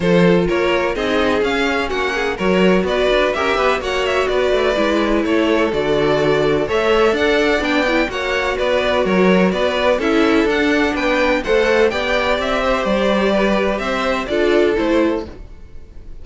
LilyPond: <<
  \new Staff \with { instrumentName = "violin" } { \time 4/4 \tempo 4 = 126 c''4 cis''4 dis''4 f''4 | fis''4 cis''4 d''4 e''4 | fis''8 e''8 d''2 cis''4 | d''2 e''4 fis''4 |
g''4 fis''4 d''4 cis''4 | d''4 e''4 fis''4 g''4 | fis''4 g''4 e''4 d''4~ | d''4 e''4 d''4 c''4 | }
  \new Staff \with { instrumentName = "violin" } { \time 4/4 a'4 ais'4 gis'2 | fis'8 gis'8 ais'4 b'4 ais'8 b'8 | cis''4 b'2 a'4~ | a'2 cis''4 d''4~ |
d''4 cis''4 b'4 ais'4 | b'4 a'2 b'4 | c''4 d''4. c''4. | b'4 c''4 a'2 | }
  \new Staff \with { instrumentName = "viola" } { \time 4/4 f'2 dis'4 cis'4~ | cis'4 fis'2 g'4 | fis'2 e'2 | fis'2 a'2 |
d'8 e'8 fis'2.~ | fis'4 e'4 d'2 | a'4 g'2.~ | g'2 f'4 e'4 | }
  \new Staff \with { instrumentName = "cello" } { \time 4/4 f4 ais4 c'4 cis'4 | ais4 fis4 b8 d'8 cis'8 b8 | ais4 b8 a8 gis4 a4 | d2 a4 d'4 |
b4 ais4 b4 fis4 | b4 cis'4 d'4 b4 | a4 b4 c'4 g4~ | g4 c'4 d'4 a4 | }
>>